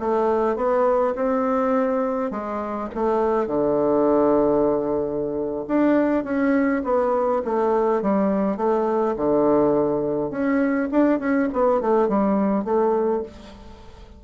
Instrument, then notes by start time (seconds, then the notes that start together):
bassoon
0.00 A3
0.57 B3
1.16 C4
2.31 G#3
2.95 A3
3.47 D3
5.68 D4
6.24 C#4
6.84 B3
7.45 A3
8.03 G3
8.57 A3
9.17 D3
10.31 C#4
10.92 D4
11.20 C#4
11.53 B3
11.81 A3
12.09 G3
12.65 A3